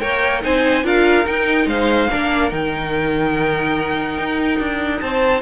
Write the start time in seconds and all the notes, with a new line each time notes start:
0.00 A#3 A#4 C#5 G5
0.42 C4 D#4 C5 G#5
0.84 D4 F4 A#4 F5
1.26 D#4 G5
1.66 G#3 C5 F5
2.09 A#3 D4 A#4
2.50 D#3 D#4 G5
4.18 D#4
4.59 D4
5.00 C4 C5 A5